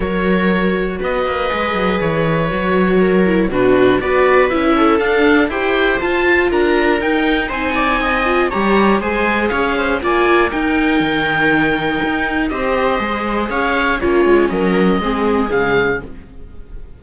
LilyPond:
<<
  \new Staff \with { instrumentName = "oboe" } { \time 4/4 \tempo 4 = 120 cis''2 dis''2 | cis''2. b'4 | d''4 e''4 f''4 g''4 | a''4 ais''4 g''4 gis''4~ |
gis''4 ais''4 gis''4 f''4 | gis''4 g''2.~ | g''4 dis''2 f''4 | cis''4 dis''2 f''4 | }
  \new Staff \with { instrumentName = "viola" } { \time 4/4 ais'2 b'2~ | b'2 ais'4 fis'4 | b'4. a'4. c''4~ | c''4 ais'2 c''8 d''8 |
dis''4 cis''4 c''4 cis''8 c''8 | d''4 ais'2.~ | ais'4 c''2 cis''4 | f'4 ais'4 gis'2 | }
  \new Staff \with { instrumentName = "viola" } { \time 4/4 fis'2. gis'4~ | gis'4 fis'4. e'8 d'4 | fis'4 e'4 d'4 g'4 | f'2 dis'2~ |
dis'8 f'8 g'4 gis'2 | f'4 dis'2.~ | dis'4 g'4 gis'2 | cis'2 c'4 gis4 | }
  \new Staff \with { instrumentName = "cello" } { \time 4/4 fis2 b8 ais8 gis8 fis8 | e4 fis2 b,4 | b4 cis'4 d'4 e'4 | f'4 d'4 dis'4 c'4~ |
c'4 g4 gis4 cis'4 | ais4 dis'4 dis2 | dis'4 c'4 gis4 cis'4 | ais8 gis8 fis4 gis4 cis4 | }
>>